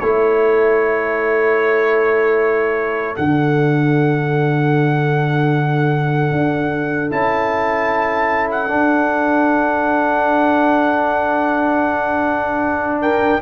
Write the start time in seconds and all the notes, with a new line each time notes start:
0.00 A3 E4 A4 C#5
3.15 D3 D4 F#5
6.32 D4
7.10 C#4 E4 A5
8.51 F#5
8.68 D4
13.01 A#4 G5